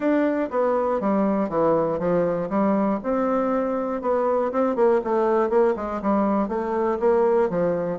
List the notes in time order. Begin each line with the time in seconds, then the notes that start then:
0.00 D4
0.50 B3
1.00 G3
1.49 E3
1.99 F3
2.49 G3
3.03 C4
4.01 B3
4.52 C4
4.75 A#3
5.04 A3
5.49 A#3
5.76 G#3
6.01 G3
6.48 A3
6.99 A#3
7.49 F3